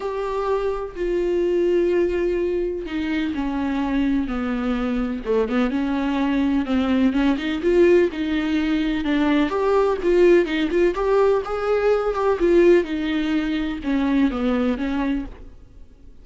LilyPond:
\new Staff \with { instrumentName = "viola" } { \time 4/4 \tempo 4 = 126 g'2 f'2~ | f'2 dis'4 cis'4~ | cis'4 b2 a8 b8 | cis'2 c'4 cis'8 dis'8 |
f'4 dis'2 d'4 | g'4 f'4 dis'8 f'8 g'4 | gis'4. g'8 f'4 dis'4~ | dis'4 cis'4 b4 cis'4 | }